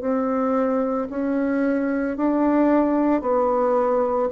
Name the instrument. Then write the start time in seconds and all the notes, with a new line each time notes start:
bassoon
0.00 C4
1.10 C#4
2.17 D4
3.21 B3